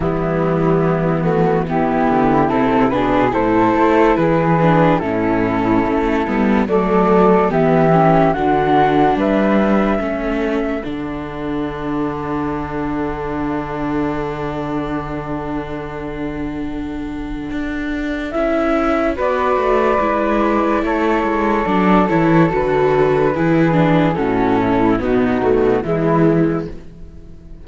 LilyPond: <<
  \new Staff \with { instrumentName = "flute" } { \time 4/4 \tempo 4 = 72 e'4. fis'8 g'4 a'8 b'8 | c''4 b'4 a'2 | d''4 e''4 fis''4 e''4~ | e''4 fis''2.~ |
fis''1~ | fis''2 e''4 d''4~ | d''4 cis''4 d''8 cis''8 b'4~ | b'4 a'4 fis'4 e'4 | }
  \new Staff \with { instrumentName = "flute" } { \time 4/4 b2 e'4. gis'8 | a'4 gis'4 e'2 | a'4 g'4 fis'4 b'4 | a'1~ |
a'1~ | a'2. b'4~ | b'4 a'2. | gis'4 fis'8 e'8 dis'4 e'4 | }
  \new Staff \with { instrumentName = "viola" } { \time 4/4 g4. a8 b4 c'8 d'8 | e'4. d'8 cis'4. b8 | a4 b8 cis'8 d'2 | cis'4 d'2.~ |
d'1~ | d'2 e'4 fis'4 | e'2 d'8 e'8 fis'4 | e'8 d'8 cis'4 b8 a8 gis4 | }
  \new Staff \with { instrumentName = "cello" } { \time 4/4 e2~ e8 d8 c8 b,8 | a,8 a8 e4 a,4 a8 g8 | fis4 e4 d4 g4 | a4 d2.~ |
d1~ | d4 d'4 cis'4 b8 a8 | gis4 a8 gis8 fis8 e8 d4 | e4 a,4 b,4 e4 | }
>>